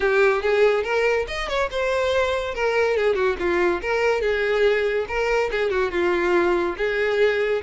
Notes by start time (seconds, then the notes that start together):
0.00 G4
0.42 G#4
0.83 A#4
1.27 D#5
1.48 C#5
1.70 C5
2.54 A#4
2.96 G#4
3.15 F#4
3.39 F4
3.81 A#4
4.21 G#4
5.08 A#4
5.51 G#4
5.70 F#4
5.91 F4
6.77 G#4